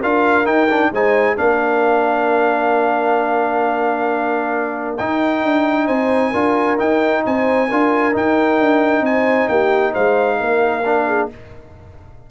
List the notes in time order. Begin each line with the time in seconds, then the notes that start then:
0.00 D4 F4 A#4 F5
0.45 D#4 G5
0.70 D4
0.91 G#3 D#4 C5 G#5
1.36 A#3 D4 A#4 F5
4.97 D#4 G5
5.43 D4
5.86 C4 C5 G#5
6.31 D4 F4 A#4
6.78 D#4 G5
7.26 C4 C5 G#5
7.69 D4 F4 A#4
8.12 D#4 G5
8.59 D4
9.01 C4 C5 G#5
9.48 A#3 G4 G5
9.92 G#3 C5 F5
10.40 A#3 A#4
10.84 D4
11.07 G#4